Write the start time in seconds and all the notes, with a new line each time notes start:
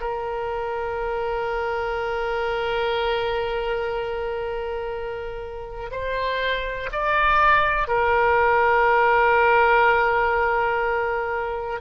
0.00 A#4
5.91 C5
6.92 D5
7.87 A#4